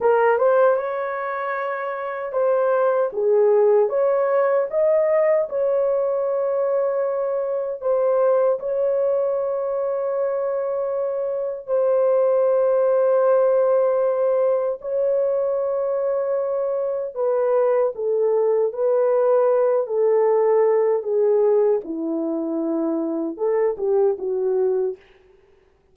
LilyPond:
\new Staff \with { instrumentName = "horn" } { \time 4/4 \tempo 4 = 77 ais'8 c''8 cis''2 c''4 | gis'4 cis''4 dis''4 cis''4~ | cis''2 c''4 cis''4~ | cis''2. c''4~ |
c''2. cis''4~ | cis''2 b'4 a'4 | b'4. a'4. gis'4 | e'2 a'8 g'8 fis'4 | }